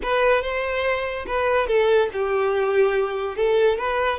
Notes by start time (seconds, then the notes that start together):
0.02 B4
0.41 C5
1.26 B4
1.67 A4
2.12 G4
3.36 A4
3.78 B4